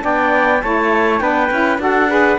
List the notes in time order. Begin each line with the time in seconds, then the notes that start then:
0.00 B3 D4 D5 G5
0.62 A3 E4 C#5 A5
1.19 B3 D4 B4 G5
1.51 C#4 E4
1.78 D4 F#4 A4 F#5
2.09 G#4 B4